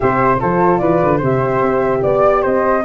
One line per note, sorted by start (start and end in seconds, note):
0.00 0.42 C3
0.00 0.39 G4
0.00 0.40 C5
0.00 0.37 E5
0.40 0.80 F3
0.40 1.22 F4
0.40 0.80 A4
0.40 0.77 C5
0.77 1.00 E3
0.77 1.17 B4
0.77 1.18 D5
1.02 1.22 D3
1.17 1.61 C3
1.17 2.84 G4
1.17 1.98 C5
1.23 2.03 E5
1.61 2.02 C4
2.02 2.44 B3
2.02 2.42 D5
2.02 2.43 D5
2.42 2.84 C4
2.42 2.82 C5
2.42 2.84 D#5